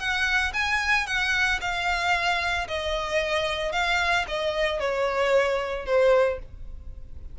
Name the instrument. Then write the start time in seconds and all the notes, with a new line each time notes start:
violin
0.00 F#5
0.54 G#5
1.07 F#5
1.61 F5
2.68 D#5
3.72 F5
4.28 D#5
4.80 C#5
5.86 C5